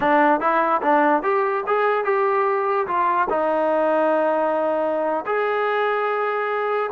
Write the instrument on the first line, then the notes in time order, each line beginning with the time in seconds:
trombone
0.00 D4
0.40 E4
0.81 D4
1.22 G4
1.66 G#4
2.04 G4
2.87 F4
3.29 D#4
5.26 G#4